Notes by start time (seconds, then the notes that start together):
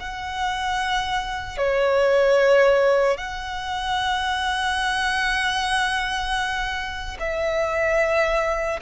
0.00 F#5
1.58 C#5
3.18 F#5
7.20 E5